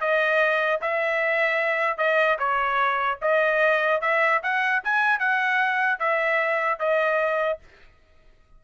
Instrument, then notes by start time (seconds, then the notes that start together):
trumpet
0.00 D#5
0.81 E5
1.97 D#5
2.39 C#5
3.21 D#5
4.01 E5
4.42 F#5
4.84 G#5
5.19 F#5
5.99 E5
6.79 D#5